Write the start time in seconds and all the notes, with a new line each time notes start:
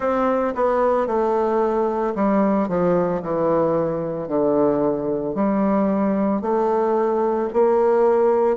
0.00 C4
0.55 B3
1.07 A3
2.15 G3
2.68 F3
3.22 E3
4.28 D3
5.34 G3
6.41 A3
7.53 A#3